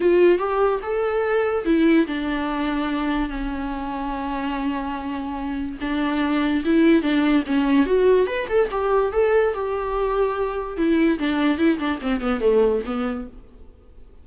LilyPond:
\new Staff \with { instrumentName = "viola" } { \time 4/4 \tempo 4 = 145 f'4 g'4 a'2 | e'4 d'2. | cis'1~ | cis'2 d'2 |
e'4 d'4 cis'4 fis'4 | b'8 a'8 g'4 a'4 g'4~ | g'2 e'4 d'4 | e'8 d'8 c'8 b8 a4 b4 | }